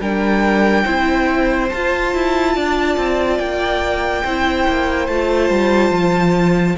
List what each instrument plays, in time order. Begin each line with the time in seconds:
0.00 cello G3, viola D4, violin A#4 G5
0.83 cello C4, viola E4, violin C5
1.69 viola F4, cello F4, violin A5
2.14 cello E4
2.55 cello D4, violin D5
2.97 cello C4
3.38 cello A#3, violin G5
4.23 cello C4, viola E4, violin C5
4.68 cello A#3
5.07 cello A3, viola F4, violin A5
5.50 cello G3
5.90 cello F3